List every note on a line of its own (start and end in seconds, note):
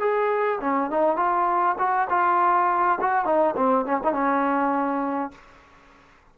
0.00 0.59 G#4
0.61 0.90 C#4
0.90 1.16 D#4
1.16 1.76 F4
1.78 2.08 F#4
2.10 2.99 F4
3.01 3.25 F#4
3.25 3.55 D#4
3.56 3.86 C4
3.86 4.00 C#4
4.04 4.13 D#4
4.13 5.32 C#4